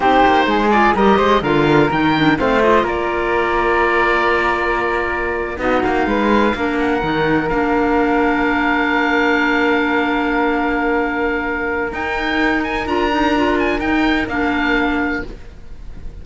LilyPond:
<<
  \new Staff \with { instrumentName = "oboe" } { \time 4/4 \tempo 4 = 126 c''4. d''8 dis''4 f''4 | g''4 f''8 dis''8 d''2~ | d''2.~ d''8. dis''16~ | dis''16 f''2 fis''4. f''16~ |
f''1~ | f''1~ | f''4 g''4. gis''8 ais''4~ | ais''8 gis''8 g''4 f''2 | }
  \new Staff \with { instrumentName = "flute" } { \time 4/4 g'4 gis'4 ais'8 c''8 ais'4~ | ais'4 c''4 ais'2~ | ais'2.~ ais'8. fis'16~ | fis'8. b'4 ais'2~ ais'16~ |
ais'1~ | ais'1~ | ais'1~ | ais'1 | }
  \new Staff \with { instrumentName = "clarinet" } { \time 4/4 dis'4. f'8 g'4 f'4 | dis'8 d'8 c'8 f'2~ f'8~ | f'2.~ f'8. dis'16~ | dis'4.~ dis'16 d'4 dis'4 d'16~ |
d'1~ | d'1~ | d'4 dis'2 f'8 dis'8 | f'4 dis'4 d'2 | }
  \new Staff \with { instrumentName = "cello" } { \time 4/4 c'8 ais8 gis4 g8 gis8 d4 | dis4 a4 ais2~ | ais2.~ ais8. b16~ | b16 ais8 gis4 ais4 dis4 ais16~ |
ais1~ | ais1~ | ais4 dis'2 d'4~ | d'4 dis'4 ais2 | }
>>